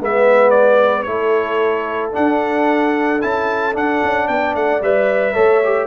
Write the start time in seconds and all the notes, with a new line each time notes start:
0.00 G#3 B3 B4 E5
0.50 D5
1.03 A3 E4 A4 C#5
2.12 D4 F#5
3.22 C#4 E4 A5
3.73 D4 F#5
4.03 C#4
4.28 B3 D5 G5
4.55 A3 F#5
4.82 G3 B4 E5
5.34 A3 A4 C#5
5.64 G4